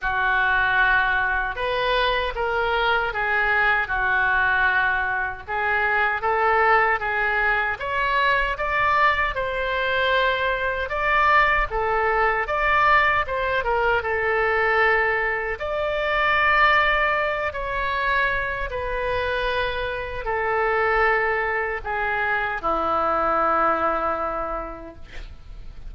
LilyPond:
\new Staff \with { instrumentName = "oboe" } { \time 4/4 \tempo 4 = 77 fis'2 b'4 ais'4 | gis'4 fis'2 gis'4 | a'4 gis'4 cis''4 d''4 | c''2 d''4 a'4 |
d''4 c''8 ais'8 a'2 | d''2~ d''8 cis''4. | b'2 a'2 | gis'4 e'2. | }